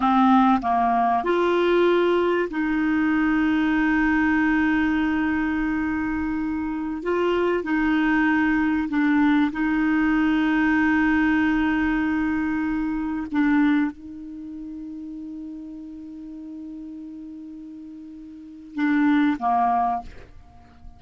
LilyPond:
\new Staff \with { instrumentName = "clarinet" } { \time 4/4 \tempo 4 = 96 c'4 ais4 f'2 | dis'1~ | dis'2.~ dis'16 f'8.~ | f'16 dis'2 d'4 dis'8.~ |
dis'1~ | dis'4~ dis'16 d'4 dis'4.~ dis'16~ | dis'1~ | dis'2 d'4 ais4 | }